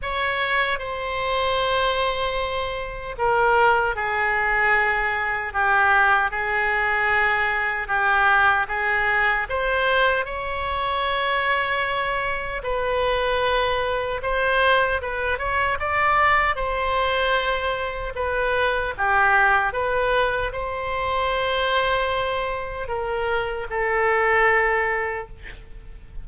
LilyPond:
\new Staff \with { instrumentName = "oboe" } { \time 4/4 \tempo 4 = 76 cis''4 c''2. | ais'4 gis'2 g'4 | gis'2 g'4 gis'4 | c''4 cis''2. |
b'2 c''4 b'8 cis''8 | d''4 c''2 b'4 | g'4 b'4 c''2~ | c''4 ais'4 a'2 | }